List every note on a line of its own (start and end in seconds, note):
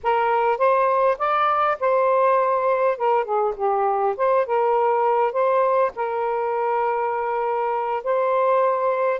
0.03 0.58 A#4
0.58 1.17 C5
1.18 1.77 D5
1.80 2.97 C5
2.97 3.24 A#4
3.24 3.54 G#4
3.56 4.15 G4
4.16 4.46 C5
4.46 5.32 A#4
5.32 5.91 C5
5.95 8.03 A#4
8.03 9.20 C5